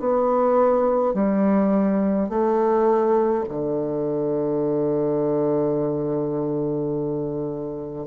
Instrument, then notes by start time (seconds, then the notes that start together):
bassoon
0.00 B3
1.14 G3
2.29 A3
3.49 D3